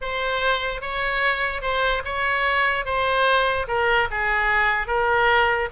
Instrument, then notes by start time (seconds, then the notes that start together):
oboe
0.01 C5
0.81 C#5
1.61 C5
2.04 C#5
2.85 C5
3.67 A#4
4.10 G#4
4.87 A#4